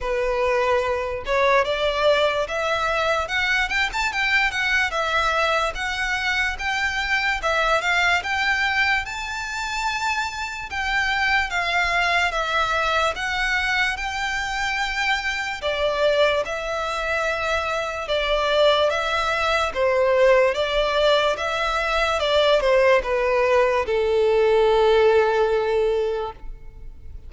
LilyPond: \new Staff \with { instrumentName = "violin" } { \time 4/4 \tempo 4 = 73 b'4. cis''8 d''4 e''4 | fis''8 g''16 a''16 g''8 fis''8 e''4 fis''4 | g''4 e''8 f''8 g''4 a''4~ | a''4 g''4 f''4 e''4 |
fis''4 g''2 d''4 | e''2 d''4 e''4 | c''4 d''4 e''4 d''8 c''8 | b'4 a'2. | }